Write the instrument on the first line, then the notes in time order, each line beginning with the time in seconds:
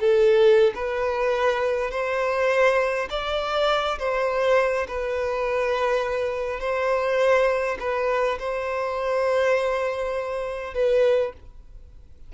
violin
0.00 A4
0.75 B4
1.91 C5
3.10 D5
3.99 C5
4.87 B4
6.60 C5
7.80 B4
8.39 C5
10.74 B4